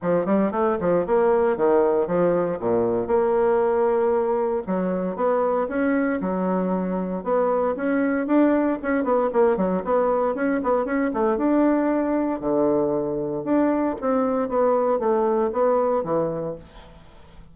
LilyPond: \new Staff \with { instrumentName = "bassoon" } { \time 4/4 \tempo 4 = 116 f8 g8 a8 f8 ais4 dis4 | f4 ais,4 ais2~ | ais4 fis4 b4 cis'4 | fis2 b4 cis'4 |
d'4 cis'8 b8 ais8 fis8 b4 | cis'8 b8 cis'8 a8 d'2 | d2 d'4 c'4 | b4 a4 b4 e4 | }